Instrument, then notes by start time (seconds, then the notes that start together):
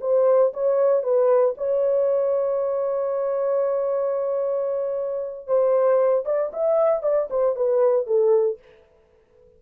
horn
0.00 C5
0.53 C#5
1.03 B4
1.57 C#5
5.47 C5
6.25 D5
6.52 E5
7.02 D5
7.30 C5
7.55 B4
8.06 A4